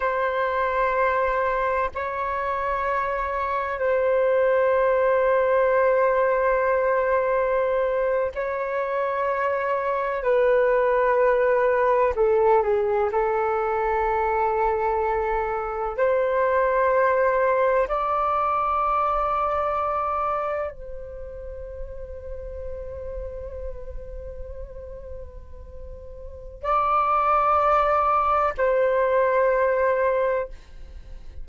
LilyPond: \new Staff \with { instrumentName = "flute" } { \time 4/4 \tempo 4 = 63 c''2 cis''2 | c''1~ | c''8. cis''2 b'4~ b'16~ | b'8. a'8 gis'8 a'2~ a'16~ |
a'8. c''2 d''4~ d''16~ | d''4.~ d''16 c''2~ c''16~ | c''1 | d''2 c''2 | }